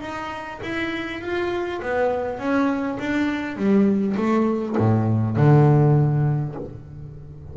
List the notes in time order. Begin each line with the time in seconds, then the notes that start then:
0.00 D#4
0.62 E4
1.21 F4
1.81 B3
2.38 C#4
2.99 D4
3.56 G3
4.16 A3
4.77 A2
5.36 D3